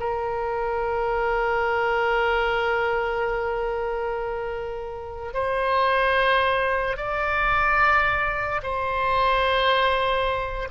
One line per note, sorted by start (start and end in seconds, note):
0.00 5.34 A#4
5.34 6.97 C5
6.97 8.62 D5
8.63 10.69 C5